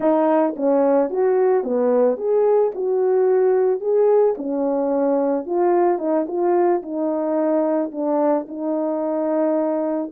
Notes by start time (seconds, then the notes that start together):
0.00 D#4
0.56 C#4
1.10 F#4
1.63 B3
2.17 G#4
2.74 F#4
3.80 G#4
4.37 C#4
5.45 F4
5.98 D#4
6.27 F4
6.82 D#4
7.91 D4
8.48 D#4